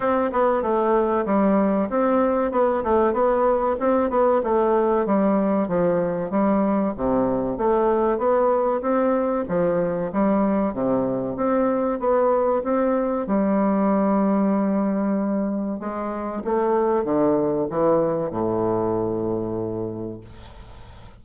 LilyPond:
\new Staff \with { instrumentName = "bassoon" } { \time 4/4 \tempo 4 = 95 c'8 b8 a4 g4 c'4 | b8 a8 b4 c'8 b8 a4 | g4 f4 g4 c4 | a4 b4 c'4 f4 |
g4 c4 c'4 b4 | c'4 g2.~ | g4 gis4 a4 d4 | e4 a,2. | }